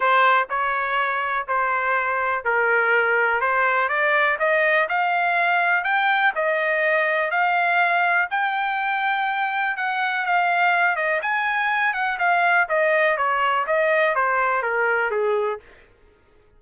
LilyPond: \new Staff \with { instrumentName = "trumpet" } { \time 4/4 \tempo 4 = 123 c''4 cis''2 c''4~ | c''4 ais'2 c''4 | d''4 dis''4 f''2 | g''4 dis''2 f''4~ |
f''4 g''2. | fis''4 f''4. dis''8 gis''4~ | gis''8 fis''8 f''4 dis''4 cis''4 | dis''4 c''4 ais'4 gis'4 | }